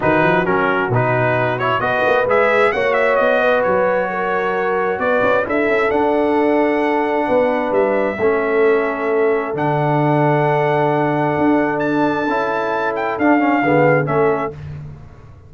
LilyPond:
<<
  \new Staff \with { instrumentName = "trumpet" } { \time 4/4 \tempo 4 = 132 b'4 ais'4 b'4. cis''8 | dis''4 e''4 fis''8 e''8 dis''4 | cis''2. d''4 | e''4 fis''2.~ |
fis''4 e''2.~ | e''4 fis''2.~ | fis''2 a''2~ | a''8 g''8 f''2 e''4 | }
  \new Staff \with { instrumentName = "horn" } { \time 4/4 fis'1 | b'2 cis''4. b'8~ | b'4 ais'2 b'4 | a'1 |
b'2 a'2~ | a'1~ | a'1~ | a'2 gis'4 a'4 | }
  \new Staff \with { instrumentName = "trombone" } { \time 4/4 dis'4 cis'4 dis'4. e'8 | fis'4 gis'4 fis'2~ | fis'1 | e'4 d'2.~ |
d'2 cis'2~ | cis'4 d'2.~ | d'2. e'4~ | e'4 d'8 cis'8 b4 cis'4 | }
  \new Staff \with { instrumentName = "tuba" } { \time 4/4 dis8 f8 fis4 b,2 | b8 ais8 gis4 ais4 b4 | fis2. b8 cis'8 | d'8 cis'8 d'2. |
b4 g4 a2~ | a4 d2.~ | d4 d'2 cis'4~ | cis'4 d'4 d4 a4 | }
>>